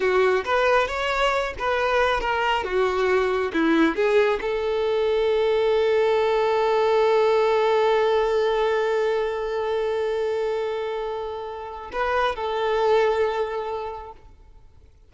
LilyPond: \new Staff \with { instrumentName = "violin" } { \time 4/4 \tempo 4 = 136 fis'4 b'4 cis''4. b'8~ | b'4 ais'4 fis'2 | e'4 gis'4 a'2~ | a'1~ |
a'1~ | a'1~ | a'2. b'4 | a'1 | }